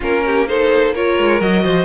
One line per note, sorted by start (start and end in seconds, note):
0.00 1.18 A#3
0.00 0.47 C#4
0.00 0.23 F4
0.00 0.47 A#4
0.26 0.48 G4
0.47 0.94 D#4
0.47 0.95 A4
0.47 0.94 C5
0.95 1.40 F4
0.95 1.63 A#4
0.95 1.41 C#5
1.18 1.41 G#3
1.40 1.64 F#3
1.40 1.84 F#4
1.40 1.84 D#5
1.63 1.84 F3
1.63 1.84 C5